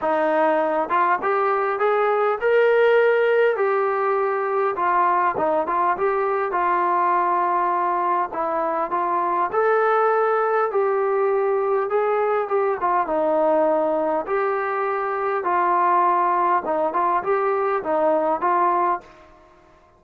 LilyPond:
\new Staff \with { instrumentName = "trombone" } { \time 4/4 \tempo 4 = 101 dis'4. f'8 g'4 gis'4 | ais'2 g'2 | f'4 dis'8 f'8 g'4 f'4~ | f'2 e'4 f'4 |
a'2 g'2 | gis'4 g'8 f'8 dis'2 | g'2 f'2 | dis'8 f'8 g'4 dis'4 f'4 | }